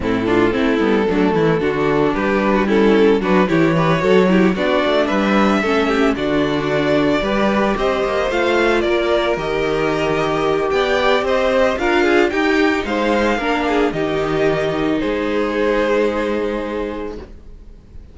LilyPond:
<<
  \new Staff \with { instrumentName = "violin" } { \time 4/4 \tempo 4 = 112 a'1 | b'4 a'4 b'8 cis''4.~ | cis''8 d''4 e''2 d''8~ | d''2~ d''8 dis''4 f''8~ |
f''8 d''4 dis''2~ dis''8 | g''4 dis''4 f''4 g''4 | f''2 dis''2 | c''1 | }
  \new Staff \with { instrumentName = "violin" } { \time 4/4 e'8 f'8 e'4 d'8 e'8 fis'4 | g'8. fis'16 e'4 fis'8 g'8 b'8 a'8 | g'8 fis'4 b'4 a'8 g'8 fis'8~ | fis'4. b'4 c''4.~ |
c''8 ais'2.~ ais'8 | d''4 c''4 ais'8 gis'8 g'4 | c''4 ais'8 gis'8 g'2 | gis'1 | }
  \new Staff \with { instrumentName = "viola" } { \time 4/4 c'8 d'8 c'8 b8 a4 d'4~ | d'4 cis'4 d'8 e'8 g'8 fis'8 | e'8 d'2 cis'4 d'8~ | d'4. g'2 f'8~ |
f'4. g'2~ g'8~ | g'2 f'4 dis'4~ | dis'4 d'4 dis'2~ | dis'1 | }
  \new Staff \with { instrumentName = "cello" } { \time 4/4 a,4 a8 g8 fis8 e8 d4 | g2 fis8 e4 fis8~ | fis8 b8 a8 g4 a4 d8~ | d4. g4 c'8 ais8 a8~ |
a8 ais4 dis2~ dis8 | b4 c'4 d'4 dis'4 | gis4 ais4 dis2 | gis1 | }
>>